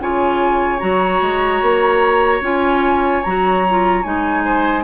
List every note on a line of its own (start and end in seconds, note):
0.00 0.81 C#3
0.00 0.79 F4
0.00 4.45 C#5
0.00 0.79 G#5
0.79 1.21 F#3
0.79 2.41 F#4
0.79 2.42 A#5
1.21 1.61 G#3
1.62 2.41 A#3
2.41 3.22 C#4
2.41 3.24 F4
2.41 3.24 G#5
3.24 4.05 F#3
3.24 3.67 F#4
3.24 4.03 A#5
3.70 4.04 F4
4.03 4.84 G#3
4.03 4.84 D#4
4.03 4.84 G#5
4.45 4.84 C5